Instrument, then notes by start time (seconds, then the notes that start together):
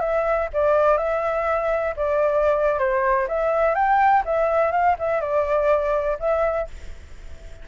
flute
0.00 E5
0.53 D5
0.98 E5
1.96 D5
2.79 C5
3.28 E5
3.75 G5
4.25 E5
4.72 F5
4.99 E5
5.21 D5
6.20 E5